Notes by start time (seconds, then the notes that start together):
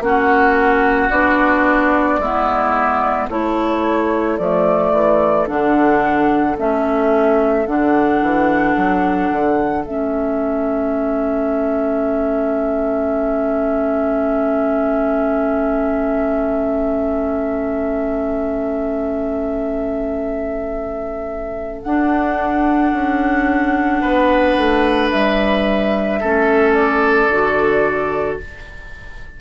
0.00 A#3 C#4 F#4 F#5
1.10 B3 D4 D5
2.18 G#3 B3 E4
3.30 A3 E4 A4 C#5
4.38 F3 A3 D5
4.92 E3
5.47 D3 D4 F#5
6.57 A3 C#4 E5
7.67 D3 D4 F#5
8.21 E3
8.76 F#3
9.31 D3
9.85 A3 C#4 E5
21.82 D4 F#5
22.93 C#4
24.01 B3 B4
24.57 A3
25.11 G3 E5
26.20 A3 C#4 A4
26.74 D5
27.28 D3 F#4